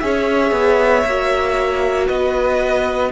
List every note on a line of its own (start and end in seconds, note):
0.00 0.52 C#4
0.00 1.05 G#4
0.00 2.06 C#5
0.00 2.07 E5
0.52 1.03 B3
1.06 2.09 A#3
1.06 3.12 F#4
2.06 3.12 B3
2.06 3.10 B4
2.06 3.12 D#5